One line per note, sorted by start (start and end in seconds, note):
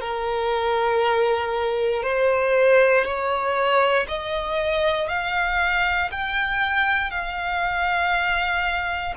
0.00 2.02 A#4
2.02 3.04 C5
3.04 4.06 C#5
4.08 5.08 D#5
5.08 6.10 F5
6.11 7.10 G5
7.10 9.14 F5